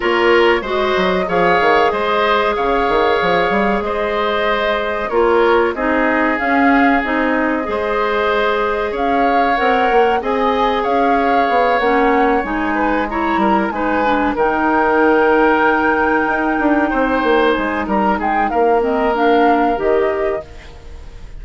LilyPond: <<
  \new Staff \with { instrumentName = "flute" } { \time 4/4 \tempo 4 = 94 cis''4 dis''4 f''4 dis''4 | f''2 dis''2 | cis''4 dis''4 f''4 dis''4~ | dis''2 f''4 fis''4 |
gis''4 f''4. fis''4 gis''8~ | gis''8 ais''4 gis''4 g''4.~ | g''2.~ g''8 gis''8 | ais''8 g''8 f''8 dis''8 f''4 dis''4 | }
  \new Staff \with { instrumentName = "oboe" } { \time 4/4 ais'4 c''4 cis''4 c''4 | cis''2 c''2 | ais'4 gis'2. | c''2 cis''2 |
dis''4 cis''2. | b'8 cis''8 ais'8 b'4 ais'4.~ | ais'2~ ais'8 c''4. | ais'8 gis'8 ais'2. | }
  \new Staff \with { instrumentName = "clarinet" } { \time 4/4 f'4 fis'4 gis'2~ | gis'1 | f'4 dis'4 cis'4 dis'4 | gis'2. ais'4 |
gis'2~ gis'8 cis'4 dis'8~ | dis'8 e'4 dis'8 d'8 dis'4.~ | dis'1~ | dis'4. c'8 d'4 g'4 | }
  \new Staff \with { instrumentName = "bassoon" } { \time 4/4 ais4 gis8 fis8 f8 dis8 gis4 | cis8 dis8 f8 g8 gis2 | ais4 c'4 cis'4 c'4 | gis2 cis'4 c'8 ais8 |
c'4 cis'4 b8 ais4 gis8~ | gis4 g8 gis4 dis4.~ | dis4. dis'8 d'8 c'8 ais8 gis8 | g8 gis8 ais2 dis4 | }
>>